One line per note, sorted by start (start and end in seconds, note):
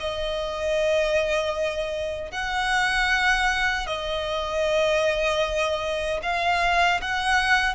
0.00 2.32 D#5
2.32 3.87 F#5
3.87 6.21 D#5
6.23 7.01 F5
7.02 7.75 F#5